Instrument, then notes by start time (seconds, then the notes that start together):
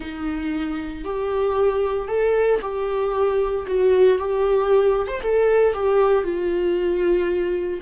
viola
0.00 D#4
1.04 G4
2.08 A4
2.61 G4
3.66 F#4
4.18 G4
5.07 C5
5.22 A4
5.73 G4
6.23 F4